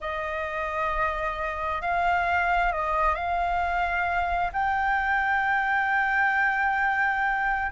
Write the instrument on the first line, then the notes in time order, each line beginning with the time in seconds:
flute
0.00 D#5
1.81 F5
2.72 D#5
3.14 F5
4.52 G5